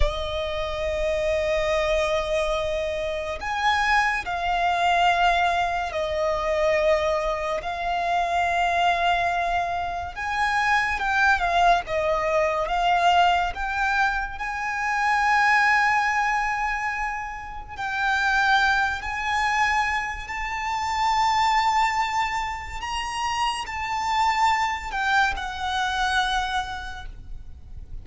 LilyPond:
\new Staff \with { instrumentName = "violin" } { \time 4/4 \tempo 4 = 71 dis''1 | gis''4 f''2 dis''4~ | dis''4 f''2. | gis''4 g''8 f''8 dis''4 f''4 |
g''4 gis''2.~ | gis''4 g''4. gis''4. | a''2. ais''4 | a''4. g''8 fis''2 | }